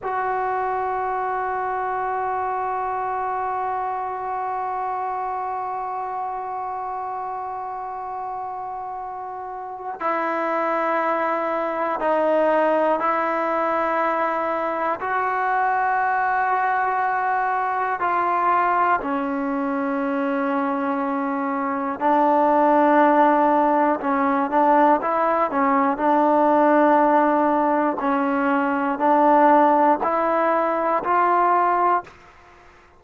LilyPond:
\new Staff \with { instrumentName = "trombone" } { \time 4/4 \tempo 4 = 60 fis'1~ | fis'1~ | fis'2 e'2 | dis'4 e'2 fis'4~ |
fis'2 f'4 cis'4~ | cis'2 d'2 | cis'8 d'8 e'8 cis'8 d'2 | cis'4 d'4 e'4 f'4 | }